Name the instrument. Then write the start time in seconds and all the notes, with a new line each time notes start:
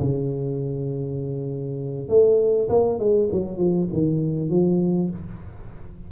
tuba
0.00 C#3
2.09 A3
2.69 A#3
2.99 G#3
3.32 F#3
3.58 F3
3.93 D#3
4.50 F3